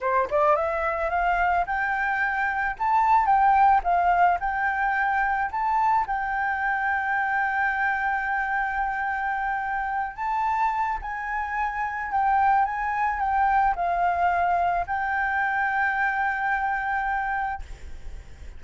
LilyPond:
\new Staff \with { instrumentName = "flute" } { \time 4/4 \tempo 4 = 109 c''8 d''8 e''4 f''4 g''4~ | g''4 a''4 g''4 f''4 | g''2 a''4 g''4~ | g''1~ |
g''2~ g''8 a''4. | gis''2 g''4 gis''4 | g''4 f''2 g''4~ | g''1 | }